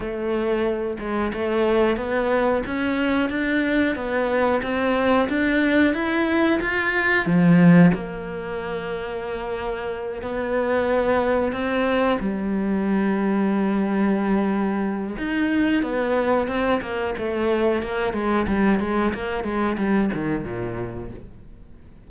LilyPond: \new Staff \with { instrumentName = "cello" } { \time 4/4 \tempo 4 = 91 a4. gis8 a4 b4 | cis'4 d'4 b4 c'4 | d'4 e'4 f'4 f4 | ais2.~ ais8 b8~ |
b4. c'4 g4.~ | g2. dis'4 | b4 c'8 ais8 a4 ais8 gis8 | g8 gis8 ais8 gis8 g8 dis8 ais,4 | }